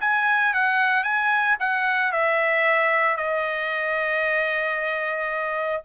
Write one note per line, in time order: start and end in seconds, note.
0.00 0.53 G#5
0.53 1.03 F#5
1.03 1.56 G#5
1.60 2.12 F#5
2.12 3.16 E5
3.16 5.82 D#5